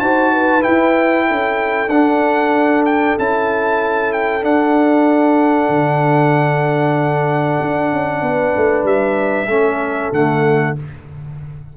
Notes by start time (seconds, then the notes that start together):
0.00 D#4 F#4 C5 A5
0.32 B4
0.62 E4 G5
0.68 E4
1.28 C#4 A4
1.88 D4 F#5
2.86 G5
3.19 C#4 E4 A5
4.13 G5
4.42 D4 F#5
5.69 D3
7.61 D4
7.93 C#4
8.22 B3 B4
8.57 A3
8.84 G3 E5
9.47 A3 C#4 A4
10.12 D3 A3 F#5